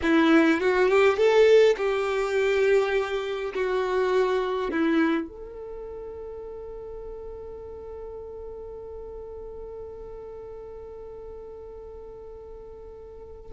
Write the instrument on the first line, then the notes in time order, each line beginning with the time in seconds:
violin
0.02 E4
0.60 F#4
0.88 G4
1.17 A4
1.77 G4
3.54 F#4
4.71 E4
5.28 A4